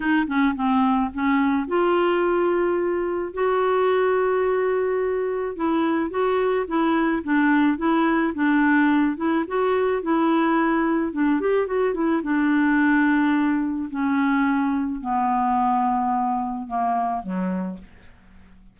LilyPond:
\new Staff \with { instrumentName = "clarinet" } { \time 4/4 \tempo 4 = 108 dis'8 cis'8 c'4 cis'4 f'4~ | f'2 fis'2~ | fis'2 e'4 fis'4 | e'4 d'4 e'4 d'4~ |
d'8 e'8 fis'4 e'2 | d'8 g'8 fis'8 e'8 d'2~ | d'4 cis'2 b4~ | b2 ais4 fis4 | }